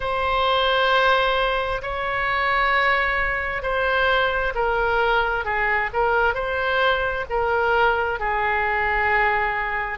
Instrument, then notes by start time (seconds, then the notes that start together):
oboe
0.00 C5
1.82 C#5
3.62 C5
4.55 A#4
5.44 G#4
5.93 A#4
6.34 C5
7.29 A#4
8.19 G#4